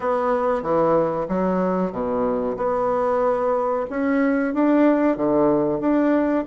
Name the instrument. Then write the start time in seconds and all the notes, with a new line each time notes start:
bassoon
0.00 B3
0.62 E3
1.28 F#3
1.91 B2
2.57 B3
3.89 C#4
4.53 D4
5.16 D3
5.80 D4